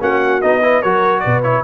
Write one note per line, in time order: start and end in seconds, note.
0.00 0.42 A#3
0.00 0.42 C#4
0.00 0.62 F#4
0.00 0.42 F#5
0.42 0.84 B3
0.42 0.62 D#4
0.42 0.82 D#5
0.62 0.83 E4
0.62 0.81 B4
0.81 1.25 F#3
0.81 1.43 F#4
0.81 1.22 A#4
0.81 1.20 C#5
1.20 1.63 B2
1.20 1.63 B4
1.20 1.40 D5
1.43 1.63 E4
1.43 1.63 C#5